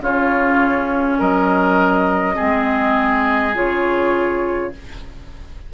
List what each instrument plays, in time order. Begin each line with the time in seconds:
0.00 bassoon C#3, clarinet C#4, oboe F4, flute C#5
1.18 bassoon F#3, oboe A#4, flute D#5
2.35 clarinet C4, oboe G#4
2.41 bassoon G#3
3.54 bassoon C#3, clarinet F4, flute C#5